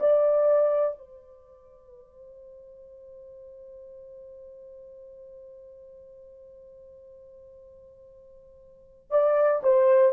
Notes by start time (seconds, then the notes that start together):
0.00 D5
0.98 C5
9.11 D5
9.63 C5